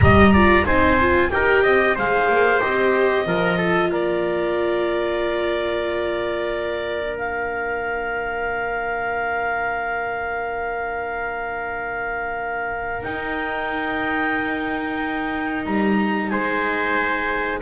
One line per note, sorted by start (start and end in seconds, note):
0.00 0.66 G3
0.00 0.33 G4
0.00 0.32 D#5
0.00 0.65 A#5
0.32 0.65 F4
0.32 0.65 D5
0.65 1.31 C4
0.65 0.98 D#4
0.65 1.31 C5
0.65 1.30 G#5
1.00 1.30 F4
1.30 1.63 D#4
1.30 1.96 G4
1.30 1.62 A#4
1.30 1.95 G5
1.62 1.96 C4
1.62 1.95 D#5
1.95 2.28 G#3
1.95 2.60 G#4
1.95 3.25 C5
1.95 2.60 F5
2.28 2.61 A#3
2.60 3.26 C4
2.60 3.25 G4
2.60 3.91 D#5
3.26 3.90 F3
3.26 7.00 F4
3.26 3.57 A#4
3.57 3.90 A4
3.90 13.03 A#3
3.90 16.30 A#4
3.90 7.18 D5
7.00 13.03 D4
7.18 13.02 F5
13.02 17.60 D#4
13.02 15.66 D#4
13.02 15.63 G5
15.65 16.30 G3
15.65 16.29 A#5
16.29 17.61 G#3
16.29 17.61 C5
16.29 17.59 G#5